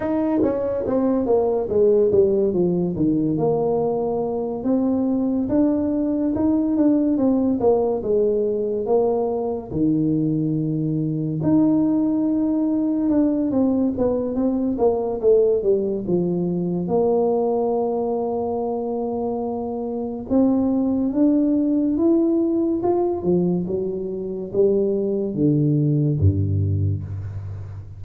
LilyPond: \new Staff \with { instrumentName = "tuba" } { \time 4/4 \tempo 4 = 71 dis'8 cis'8 c'8 ais8 gis8 g8 f8 dis8 | ais4. c'4 d'4 dis'8 | d'8 c'8 ais8 gis4 ais4 dis8~ | dis4. dis'2 d'8 |
c'8 b8 c'8 ais8 a8 g8 f4 | ais1 | c'4 d'4 e'4 f'8 f8 | fis4 g4 d4 g,4 | }